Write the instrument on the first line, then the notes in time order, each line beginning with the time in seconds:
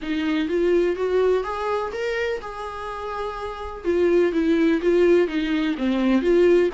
viola
0.02 D#4
0.48 F4
0.96 F#4
1.43 G#4
1.92 A#4
2.41 G#4
3.84 F4
4.32 E4
4.81 F4
5.27 D#4
5.77 C4
6.21 F4